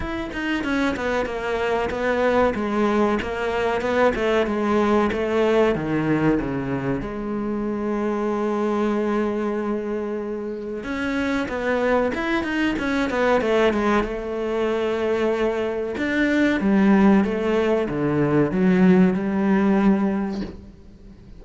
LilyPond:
\new Staff \with { instrumentName = "cello" } { \time 4/4 \tempo 4 = 94 e'8 dis'8 cis'8 b8 ais4 b4 | gis4 ais4 b8 a8 gis4 | a4 dis4 cis4 gis4~ | gis1~ |
gis4 cis'4 b4 e'8 dis'8 | cis'8 b8 a8 gis8 a2~ | a4 d'4 g4 a4 | d4 fis4 g2 | }